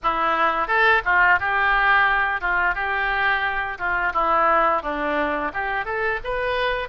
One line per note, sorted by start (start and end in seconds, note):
0.03 0.67 E4
0.67 1.02 A4
1.05 1.39 F4
1.39 2.40 G4
2.40 2.74 F4
2.74 3.78 G4
3.78 4.12 F4
4.13 4.82 E4
4.82 5.51 D4
5.53 5.85 G4
5.85 6.19 A4
6.24 6.88 B4